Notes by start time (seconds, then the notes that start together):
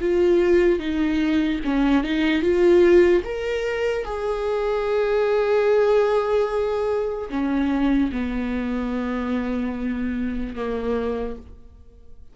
0.00 F4
0.79 D#4
1.64 C#4
2.03 D#4
2.42 F4
3.24 A#4
4.05 G#4
7.29 C#4
8.12 B3
10.55 A#3